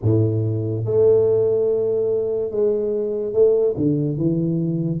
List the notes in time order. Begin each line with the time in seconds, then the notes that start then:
0.02 A2
0.85 A3
2.50 G#3
3.33 A3
3.76 D3
4.17 E3